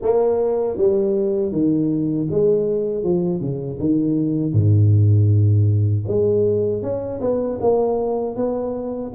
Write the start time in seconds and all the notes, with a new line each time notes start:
0.01 A#3
0.77 G3
1.52 D#3
2.30 G#3
3.03 F3
3.40 C#3
3.79 D#3
4.53 G#2
6.07 G#3
6.82 C#4
7.20 B3
7.60 A#3
8.35 B3